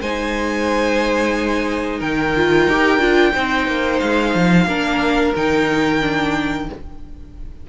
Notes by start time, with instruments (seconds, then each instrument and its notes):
0.00 cello G#3, viola D#4, violin C5 G#5
1.99 cello D#3, violin A#4 G5
2.36 viola F4
2.68 cello D#4, viola G4
2.98 cello D4, viola F4
3.34 cello C4, viola D#4, violin C5
3.67 cello A#3
4.00 cello G#3, violin F5
4.35 cello F3
4.66 cello A#3, viola D4, violin A#4
5.36 cello D#3, viola D#4, violin G5
6.01 viola D4